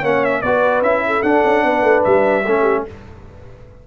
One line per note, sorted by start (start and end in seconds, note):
0.00 0.43 A#3
0.00 0.43 C#4
0.00 0.40 C#5
0.00 0.25 F#5
0.25 0.42 E5
0.42 0.82 B3
0.42 0.85 F#4
0.42 1.05 B4
0.42 0.82 D5
0.82 1.23 C#4
0.82 1.24 E4
0.82 1.23 E5
1.07 1.66 A4
1.23 1.44 D4
1.23 2.45 D4
1.23 2.04 F#5
1.45 1.65 C#4
1.65 1.82 B3
1.65 2.45 B4
1.82 2.03 A3
2.04 2.47 G3
2.04 2.85 E5
2.45 2.87 A3
2.45 2.88 C#4
2.45 2.62 A4
2.62 2.82 G4